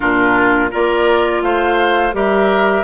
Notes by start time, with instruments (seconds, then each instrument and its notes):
0.00 bassoon A#2, clarinet D4, oboe F4, flute A#4
0.71 bassoon A#3, clarinet F4, oboe A#4, flute D5
1.42 bassoon A3, oboe C5, flute F5
2.12 bassoon G3, clarinet G4, oboe A#4, flute E5